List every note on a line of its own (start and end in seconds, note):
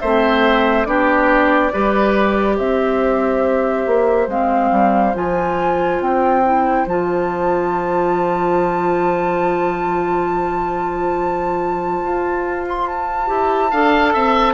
0.00 0.86 A3
0.00 0.86 C4
0.00 0.87 C5
0.00 0.85 E5
0.85 1.71 B3
0.85 1.71 D4
0.85 1.73 G4
0.85 2.56 D5
1.72 2.59 G3
1.72 4.29 G4
1.72 2.56 B4
2.56 3.86 C4
2.56 13.70 C5
2.56 4.29 E5
3.86 4.27 A#3
4.27 4.70 G#3
4.27 5.14 C4
4.27 5.15 F5
4.71 5.14 G3
5.14 6.01 F3
5.14 6.43 F4
5.14 6.01 G#5
6.01 6.86 C4
6.01 6.87 G5
6.44 6.87 E4
6.86 12.00 F3
6.86 13.27 F4
6.86 12.67 A5
12.04 13.30 F4
12.68 12.87 C6
12.87 14.54 A5
13.27 13.72 E4
13.27 13.70 G4
13.71 14.14 D4
13.71 14.54 A4
13.71 14.13 F5
14.13 14.54 C4
14.13 14.54 E5